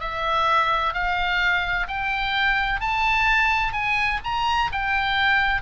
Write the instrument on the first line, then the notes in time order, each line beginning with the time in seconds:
oboe
0.00 E5
0.93 F5
1.87 G5
2.80 A5
3.72 G#5
4.24 A#5
4.72 G5